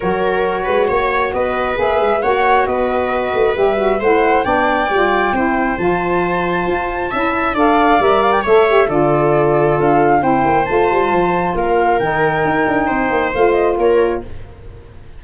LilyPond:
<<
  \new Staff \with { instrumentName = "flute" } { \time 4/4 \tempo 4 = 135 cis''2. dis''4 | e''4 fis''4 dis''2 | e''4 fis''4 g''2~ | g''4 a''2.~ |
a''4 f''4 e''8 f''16 g''16 e''4 | d''2 f''4 g''4 | a''2 f''4 g''4~ | g''2 f''8 dis''8 cis''4 | }
  \new Staff \with { instrumentName = "viola" } { \time 4/4 ais'4. b'8 cis''4 b'4~ | b'4 cis''4 b'2~ | b'4 c''4 d''2 | c''1 |
e''4 d''2 cis''4 | a'2. c''4~ | c''2 ais'2~ | ais'4 c''2 ais'4 | }
  \new Staff \with { instrumentName = "saxophone" } { \time 4/4 fis'1 | gis'4 fis'2. | g'8 fis'8 e'4 d'4 f'4 | e'4 f'2. |
e'4 a'4 ais'4 a'8 g'8 | f'2. e'4 | f'2. dis'4~ | dis'2 f'2 | }
  \new Staff \with { instrumentName = "tuba" } { \time 4/4 fis4. gis8 ais4 b4 | ais8 gis8 ais4 b4. a8 | g4 a4 b4 g4 | c'4 f2 f'4 |
cis'4 d'4 g4 a4 | d2 d'4 c'8 ais8 | a8 g8 f4 ais4 dis4 | dis'8 d'8 c'8 ais8 a4 ais4 | }
>>